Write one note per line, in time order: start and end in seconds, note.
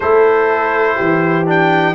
0.00 0.98 A3
0.00 1.46 E4
0.00 0.96 A4
0.00 1.47 C5
0.96 1.94 E3
0.96 1.94 G4
1.46 1.94 D4
1.46 1.94 G5